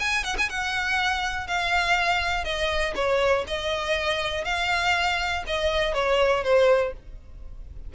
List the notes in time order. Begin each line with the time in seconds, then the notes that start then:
0.00 G#5
0.24 F#5
0.38 G#5
0.50 F#5
1.48 F5
2.45 D#5
2.96 C#5
3.48 D#5
4.45 F5
5.47 D#5
5.94 C#5
6.44 C5